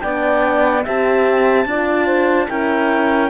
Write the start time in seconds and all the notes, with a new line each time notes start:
0.00 B3 D4 D5 G5
0.83 C4 G4 E5 A5
1.65 D4 F4 D5
2.05 C5
2.48 C#4 E4 A#4 G5